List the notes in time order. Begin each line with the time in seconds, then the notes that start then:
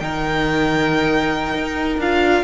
0.00 D#3 D#4 A#4 G5
1.54 D#4
1.98 D4 F4 F5